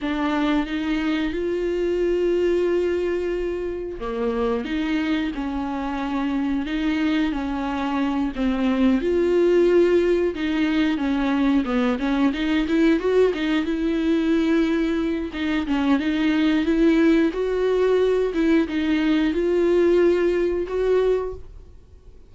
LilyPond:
\new Staff \with { instrumentName = "viola" } { \time 4/4 \tempo 4 = 90 d'4 dis'4 f'2~ | f'2 ais4 dis'4 | cis'2 dis'4 cis'4~ | cis'8 c'4 f'2 dis'8~ |
dis'8 cis'4 b8 cis'8 dis'8 e'8 fis'8 | dis'8 e'2~ e'8 dis'8 cis'8 | dis'4 e'4 fis'4. e'8 | dis'4 f'2 fis'4 | }